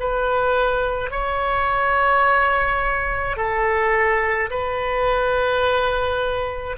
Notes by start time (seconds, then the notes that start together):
0.00 B4
1.11 C#5
3.37 A4
4.50 B4